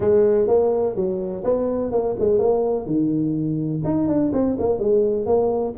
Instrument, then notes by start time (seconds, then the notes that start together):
tuba
0.00 G#3
0.47 A#3
0.95 F#3
1.44 B3
1.91 A#3
2.19 G#3
2.38 A#3
2.86 D#3
3.84 D#4
4.07 D4
4.32 C4
4.58 A#3
4.79 G#3
5.26 A#3